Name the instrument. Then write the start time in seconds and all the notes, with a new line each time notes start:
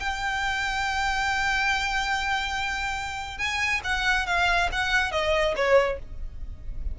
violin
0.00 G5
3.38 G#5
3.84 F#5
4.27 F5
4.72 F#5
5.12 D#5
5.56 C#5